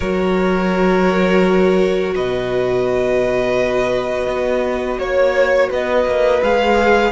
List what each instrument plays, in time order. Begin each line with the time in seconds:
0.00 cello F#3, viola F#4, violin A#4 C#5
2.14 cello B2, violin B4 D#5
4.26 cello B3
4.98 cello A#3, violin C#5
5.70 cello B3, violin B4 D#5
6.05 cello A#3
6.42 cello G#3, viola G#4, violin F5